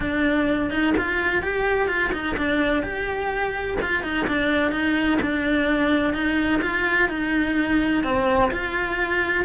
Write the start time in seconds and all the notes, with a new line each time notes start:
0.00 D4
0.70 D#4
0.97 F4
1.42 G4
1.87 F4
2.12 D#4
2.37 D4
2.82 G4
3.81 F4
4.03 D#4
4.27 D4
4.71 D#4
5.21 D4
6.13 D#4
6.62 F4
7.09 D#4
8.03 C4
8.51 F4